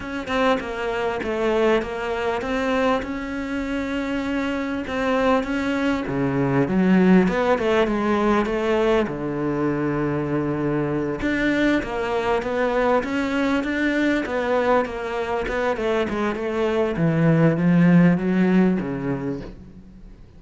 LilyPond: \new Staff \with { instrumentName = "cello" } { \time 4/4 \tempo 4 = 99 cis'8 c'8 ais4 a4 ais4 | c'4 cis'2. | c'4 cis'4 cis4 fis4 | b8 a8 gis4 a4 d4~ |
d2~ d8 d'4 ais8~ | ais8 b4 cis'4 d'4 b8~ | b8 ais4 b8 a8 gis8 a4 | e4 f4 fis4 cis4 | }